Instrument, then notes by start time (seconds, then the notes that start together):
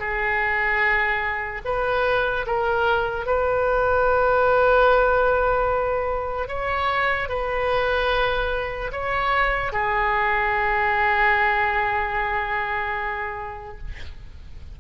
oboe
0.00 G#4
1.65 B4
2.47 A#4
3.27 B4
6.49 C#5
7.29 B4
8.93 C#5
9.73 G#4